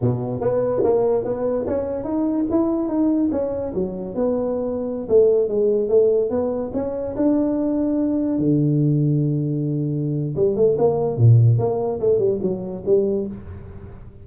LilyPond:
\new Staff \with { instrumentName = "tuba" } { \time 4/4 \tempo 4 = 145 b,4 b4 ais4 b4 | cis'4 dis'4 e'4 dis'4 | cis'4 fis4 b2~ | b16 a4 gis4 a4 b8.~ |
b16 cis'4 d'2~ d'8.~ | d'16 d2.~ d8.~ | d4 g8 a8 ais4 ais,4 | ais4 a8 g8 fis4 g4 | }